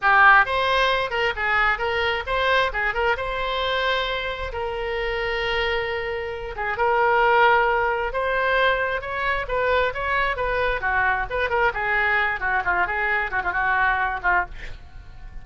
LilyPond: \new Staff \with { instrumentName = "oboe" } { \time 4/4 \tempo 4 = 133 g'4 c''4. ais'8 gis'4 | ais'4 c''4 gis'8 ais'8 c''4~ | c''2 ais'2~ | ais'2~ ais'8 gis'8 ais'4~ |
ais'2 c''2 | cis''4 b'4 cis''4 b'4 | fis'4 b'8 ais'8 gis'4. fis'8 | f'8 gis'4 fis'16 f'16 fis'4. f'8 | }